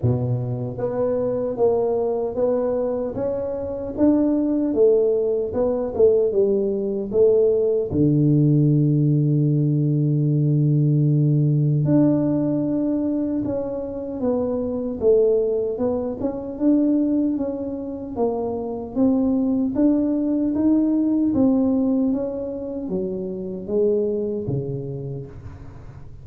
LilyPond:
\new Staff \with { instrumentName = "tuba" } { \time 4/4 \tempo 4 = 76 b,4 b4 ais4 b4 | cis'4 d'4 a4 b8 a8 | g4 a4 d2~ | d2. d'4~ |
d'4 cis'4 b4 a4 | b8 cis'8 d'4 cis'4 ais4 | c'4 d'4 dis'4 c'4 | cis'4 fis4 gis4 cis4 | }